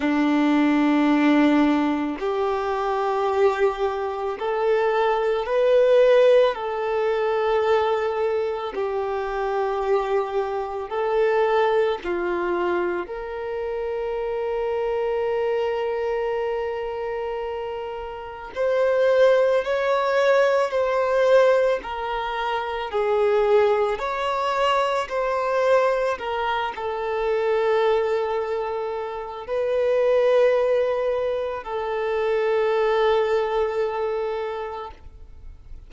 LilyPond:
\new Staff \with { instrumentName = "violin" } { \time 4/4 \tempo 4 = 55 d'2 g'2 | a'4 b'4 a'2 | g'2 a'4 f'4 | ais'1~ |
ais'4 c''4 cis''4 c''4 | ais'4 gis'4 cis''4 c''4 | ais'8 a'2~ a'8 b'4~ | b'4 a'2. | }